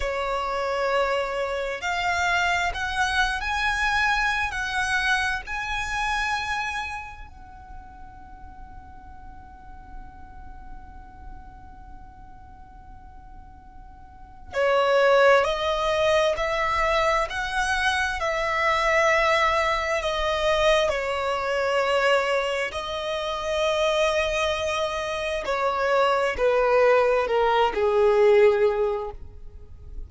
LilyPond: \new Staff \with { instrumentName = "violin" } { \time 4/4 \tempo 4 = 66 cis''2 f''4 fis''8. gis''16~ | gis''4 fis''4 gis''2 | fis''1~ | fis''1 |
cis''4 dis''4 e''4 fis''4 | e''2 dis''4 cis''4~ | cis''4 dis''2. | cis''4 b'4 ais'8 gis'4. | }